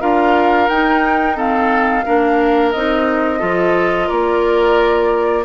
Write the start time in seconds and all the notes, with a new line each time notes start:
0.00 D4 F4 A#4 F5
0.68 D#4 G5
1.36 C4 A4 F5
2.05 A#3 D4 A#4
2.71 C4 D#4 D#5
3.39 F3 F4 A4
4.07 A#3 A#4 D5